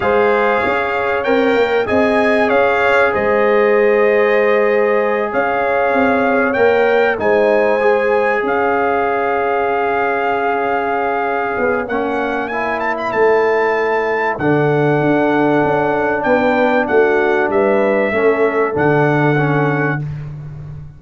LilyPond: <<
  \new Staff \with { instrumentName = "trumpet" } { \time 4/4 \tempo 4 = 96 f''2 g''4 gis''4 | f''4 dis''2.~ | dis''8 f''2 g''4 gis''8~ | gis''4. f''2~ f''8~ |
f''2. fis''4 | gis''8 a''16 b''16 a''2 fis''4~ | fis''2 g''4 fis''4 | e''2 fis''2 | }
  \new Staff \with { instrumentName = "horn" } { \time 4/4 c''4 cis''2 dis''4 | cis''4 c''2.~ | c''8 cis''2. c''8~ | c''4. cis''2~ cis''8~ |
cis''1~ | cis''2. a'4~ | a'2 b'4 fis'4 | b'4 a'2. | }
  \new Staff \with { instrumentName = "trombone" } { \time 4/4 gis'2 ais'4 gis'4~ | gis'1~ | gis'2~ gis'8 ais'4 dis'8~ | dis'8 gis'2.~ gis'8~ |
gis'2. cis'4 | e'2. d'4~ | d'1~ | d'4 cis'4 d'4 cis'4 | }
  \new Staff \with { instrumentName = "tuba" } { \time 4/4 gis4 cis'4 c'8 ais8 c'4 | cis'4 gis2.~ | gis8 cis'4 c'4 ais4 gis8~ | gis4. cis'2~ cis'8~ |
cis'2~ cis'8 b8 ais4~ | ais4 a2 d4 | d'4 cis'4 b4 a4 | g4 a4 d2 | }
>>